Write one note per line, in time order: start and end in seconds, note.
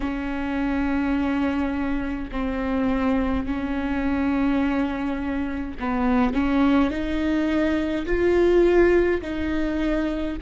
0.00 2.30 C#4
2.31 3.46 C4
3.46 5.76 C#4
5.79 6.33 B3
6.33 6.90 C#4
6.90 8.05 D#4
8.06 9.21 F4
9.21 10.36 D#4